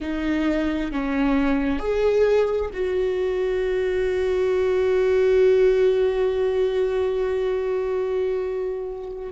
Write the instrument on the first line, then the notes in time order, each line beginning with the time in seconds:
viola
0.00 D#4
0.91 C#4
1.79 G#4
2.73 F#4